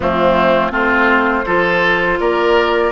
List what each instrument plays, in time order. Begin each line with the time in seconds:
0.00 bassoon F3, clarinet A3, oboe C4, flute F4
0.70 bassoon A3, clarinet C4, oboe F4, flute C5
1.45 bassoon F3, clarinet F4, oboe A4
2.20 bassoon A#3, oboe A#4, flute D5